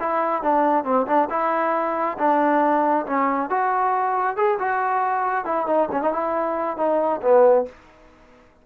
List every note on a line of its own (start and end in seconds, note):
0.00 0.43 E4
0.43 0.85 D4
0.85 1.07 C4
1.07 1.29 D4
1.30 2.18 E4
2.19 3.06 D4
3.07 3.50 C#4
3.50 4.37 F#4
4.37 4.59 G#4
4.60 5.45 F#4
5.45 5.67 E4
5.67 5.89 D#4
5.92 6.03 C#4
6.03 6.13 D#4
6.13 6.78 E4
6.78 7.21 D#4
7.22 7.66 B3